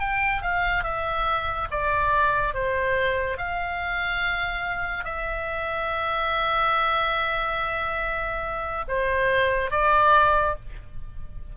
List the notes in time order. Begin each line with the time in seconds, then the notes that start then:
0.00 G5
0.42 F5
0.84 E5
1.71 D5
2.54 C5
3.38 F5
5.04 E5
8.88 C5
9.71 D5